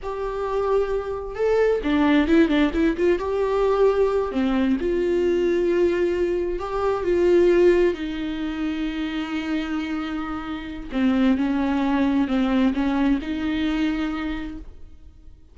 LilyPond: \new Staff \with { instrumentName = "viola" } { \time 4/4 \tempo 4 = 132 g'2. a'4 | d'4 e'8 d'8 e'8 f'8 g'4~ | g'4. c'4 f'4.~ | f'2~ f'8 g'4 f'8~ |
f'4. dis'2~ dis'8~ | dis'1 | c'4 cis'2 c'4 | cis'4 dis'2. | }